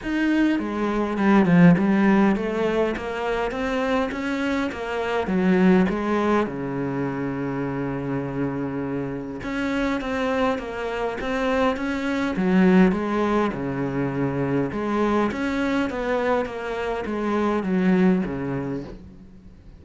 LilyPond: \new Staff \with { instrumentName = "cello" } { \time 4/4 \tempo 4 = 102 dis'4 gis4 g8 f8 g4 | a4 ais4 c'4 cis'4 | ais4 fis4 gis4 cis4~ | cis1 |
cis'4 c'4 ais4 c'4 | cis'4 fis4 gis4 cis4~ | cis4 gis4 cis'4 b4 | ais4 gis4 fis4 cis4 | }